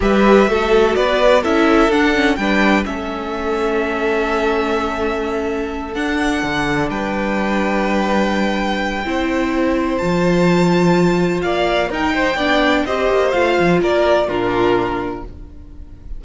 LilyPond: <<
  \new Staff \with { instrumentName = "violin" } { \time 4/4 \tempo 4 = 126 e''2 d''4 e''4 | fis''4 g''4 e''2~ | e''1~ | e''8 fis''2 g''4.~ |
g''1~ | g''4 a''2. | f''4 g''2 dis''4 | f''4 d''4 ais'2 | }
  \new Staff \with { instrumentName = "violin" } { \time 4/4 b'4 a'4 b'4 a'4~ | a'4 b'4 a'2~ | a'1~ | a'2~ a'8 b'4.~ |
b'2. c''4~ | c''1 | d''4 ais'8 c''8 d''4 c''4~ | c''4 ais'4 f'2 | }
  \new Staff \with { instrumentName = "viola" } { \time 4/4 g'4 fis'2 e'4 | d'8 cis'8 d'4 cis'2~ | cis'1~ | cis'8 d'2.~ d'8~ |
d'2. e'4~ | e'4 f'2.~ | f'4 dis'4 d'4 g'4 | f'2 d'2 | }
  \new Staff \with { instrumentName = "cello" } { \time 4/4 g4 a4 b4 cis'4 | d'4 g4 a2~ | a1~ | a8 d'4 d4 g4.~ |
g2. c'4~ | c'4 f2. | ais4 dis'4 b4 c'8 ais8 | a8 f8 ais4 ais,2 | }
>>